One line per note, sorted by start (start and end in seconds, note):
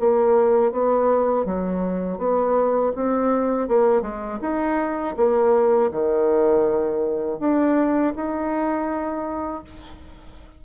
0.00 0.72 A#3
0.72 1.45 B3
1.45 2.18 F#3
2.18 2.93 B3
2.95 3.68 C4
3.68 4.02 A#3
4.02 4.39 G#3
4.41 5.15 D#4
5.17 5.91 A#3
5.91 7.39 D#3
7.39 8.13 D4
8.16 9.64 D#4